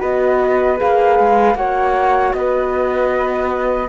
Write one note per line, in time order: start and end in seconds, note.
0.00 0.79 B3
0.00 0.77 F#4
0.00 1.56 B4
0.00 0.79 D#5
0.77 1.19 A#3
0.77 1.55 G#4
0.77 1.56 F5
1.19 1.55 G#3
1.55 2.33 A#3
1.55 3.88 F#4
1.55 2.36 C#5
1.55 2.33 F#5
2.33 3.88 B3
2.33 3.88 B4
2.33 3.88 D#5